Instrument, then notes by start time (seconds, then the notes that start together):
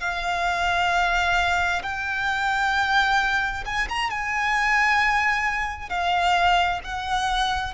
violin
0.00 F5
1.82 G5
3.65 G#5
3.89 A#5
4.10 G#5
5.89 F5
6.83 F#5